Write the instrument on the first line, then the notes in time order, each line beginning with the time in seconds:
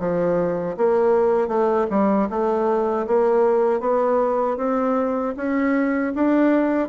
bassoon
0.00 F3
0.77 A#3
1.48 A3
1.91 G3
2.30 A3
3.08 A#3
3.81 B3
4.58 C4
5.37 C#4
6.15 D4